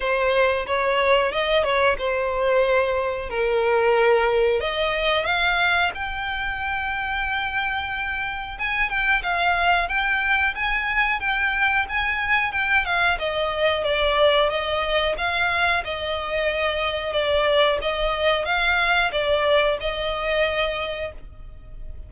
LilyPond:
\new Staff \with { instrumentName = "violin" } { \time 4/4 \tempo 4 = 91 c''4 cis''4 dis''8 cis''8 c''4~ | c''4 ais'2 dis''4 | f''4 g''2.~ | g''4 gis''8 g''8 f''4 g''4 |
gis''4 g''4 gis''4 g''8 f''8 | dis''4 d''4 dis''4 f''4 | dis''2 d''4 dis''4 | f''4 d''4 dis''2 | }